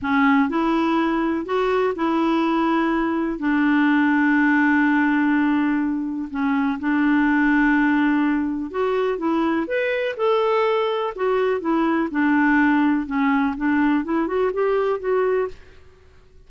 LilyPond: \new Staff \with { instrumentName = "clarinet" } { \time 4/4 \tempo 4 = 124 cis'4 e'2 fis'4 | e'2. d'4~ | d'1~ | d'4 cis'4 d'2~ |
d'2 fis'4 e'4 | b'4 a'2 fis'4 | e'4 d'2 cis'4 | d'4 e'8 fis'8 g'4 fis'4 | }